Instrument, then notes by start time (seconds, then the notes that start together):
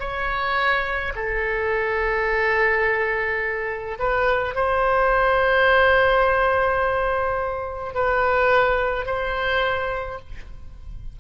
oboe
0.00 C#5
1.16 A4
3.99 B4
4.55 C5
7.95 B4
9.06 C5